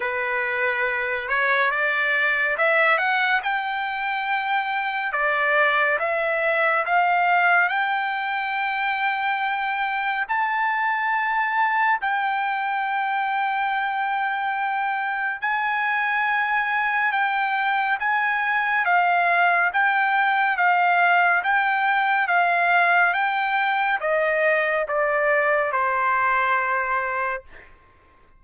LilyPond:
\new Staff \with { instrumentName = "trumpet" } { \time 4/4 \tempo 4 = 70 b'4. cis''8 d''4 e''8 fis''8 | g''2 d''4 e''4 | f''4 g''2. | a''2 g''2~ |
g''2 gis''2 | g''4 gis''4 f''4 g''4 | f''4 g''4 f''4 g''4 | dis''4 d''4 c''2 | }